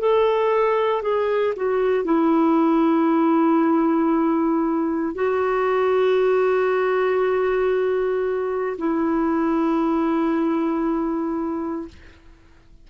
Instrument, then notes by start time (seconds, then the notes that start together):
clarinet
0.00 A4
1.03 G#4
1.57 F#4
2.05 E4
5.15 F#4
8.78 E4